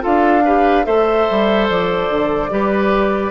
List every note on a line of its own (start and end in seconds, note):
0.00 0.87 D4
0.00 0.41 F4
0.00 0.43 A4
0.00 0.85 F5
0.44 0.84 G4
0.44 0.85 B4
0.84 1.28 A3
0.84 2.48 A4
0.84 2.50 C5
0.84 1.67 E5
1.30 1.69 G3
1.69 2.09 F3
1.69 3.31 D5
2.09 2.50 D3
2.49 3.31 G3
2.49 3.31 G4
2.49 3.31 B4